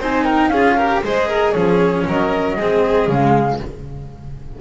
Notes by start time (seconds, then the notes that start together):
0.00 C4 D#4 C5 G#5
0.25 A#4 G5
0.49 C#4 F4 G#4 F5
0.77 G4 A#4
1.04 G#3 G#4 C5 D#5
1.29 A#4
1.52 F3 C#4 G#4 C#5
2.08 F#3 A#4 D#5
2.56 G#3 C4 G#4
3.08 C#3 G#3 F5